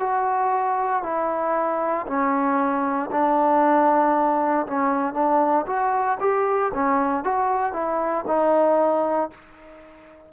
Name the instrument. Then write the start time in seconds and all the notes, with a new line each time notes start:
trombone
0.00 F#4
1.03 E4
2.07 C#4
3.11 D4
4.67 C#4
5.14 D4
5.67 F#4
6.21 G4
6.74 C#4
7.24 F#4
7.73 E4
8.28 D#4